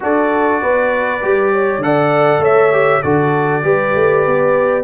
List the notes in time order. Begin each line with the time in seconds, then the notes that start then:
0.00 D4 F#4 A4 D5
0.62 B3 B4
1.22 G3 G4
1.53 C#5
1.78 D3 A4 F#5
1.85 D5
2.39 A3 C#5 E5
2.72 G4
3.02 D3 F#4 A4 D5
3.62 G3 G4 B4
3.94 A3
4.26 B3